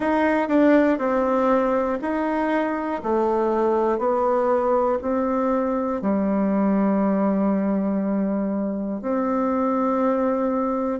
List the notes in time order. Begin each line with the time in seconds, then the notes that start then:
0.00 D#4
0.48 D4
0.98 C4
2.01 D#4
3.03 A3
3.98 B3
5.01 C4
6.01 G3
9.01 C4